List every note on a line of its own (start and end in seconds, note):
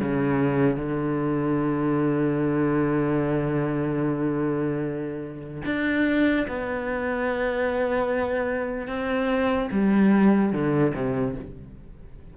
0.00 0.76 C#3
0.76 5.63 D3
5.65 6.46 D4
6.48 8.87 B3
8.87 9.69 C4
9.71 10.53 G3
10.53 10.93 D3
10.95 11.36 C3